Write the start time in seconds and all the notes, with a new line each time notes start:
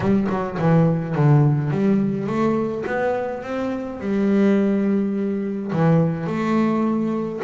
0.00 G3
0.29 F#3
0.58 E3
1.15 D3
1.70 G3
2.26 A3
2.86 B3
3.43 C4
4.00 G3
5.72 E3
6.26 A3